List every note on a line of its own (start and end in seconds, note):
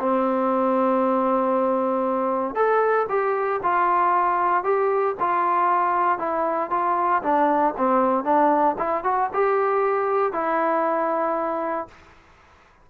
0.00 2.55 C4
2.55 3.07 A4
3.09 3.61 G4
3.63 4.64 F4
4.64 5.16 G4
5.20 6.19 F4
6.19 6.70 E4
6.71 7.22 F4
7.23 7.74 D4
7.78 8.24 C4
8.24 8.76 D4
8.78 9.04 E4
9.04 9.30 F#4
9.34 10.33 G4
10.33 11.88 E4